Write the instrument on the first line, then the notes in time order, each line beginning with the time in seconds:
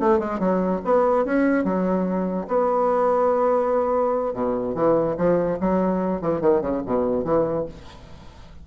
bassoon
0.00 A3
0.19 G#3
0.39 F#3
0.85 B3
1.25 C#4
1.64 F#3
2.48 B3
4.34 B2
4.74 E3
5.17 F3
5.60 F#3
6.22 E3
6.41 D#3
6.61 C#3
6.86 B2
7.24 E3